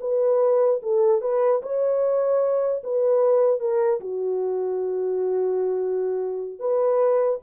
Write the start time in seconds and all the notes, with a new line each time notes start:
0.00 B4
0.82 A4
1.21 B4
1.62 C#5
2.83 B4
3.60 A#4
4.00 F#4
6.59 B4